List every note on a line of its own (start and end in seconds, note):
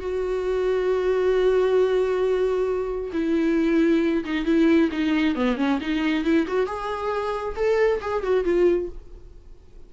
0.00 3.11 F#4
3.13 4.24 E4
4.24 4.45 D#4
4.45 4.89 E4
4.92 5.35 D#4
5.35 5.57 B3
5.57 5.79 C#4
5.81 6.24 D#4
6.24 6.47 E4
6.47 6.66 F#4
6.66 7.55 G#4
7.56 8.01 A4
8.01 8.23 G#4
8.23 8.45 F#4
8.45 8.89 F4